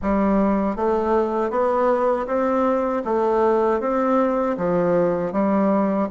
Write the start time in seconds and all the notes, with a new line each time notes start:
0.02 G3
0.76 A3
1.50 B3
2.26 C4
3.04 A3
3.80 C4
4.57 F3
5.32 G3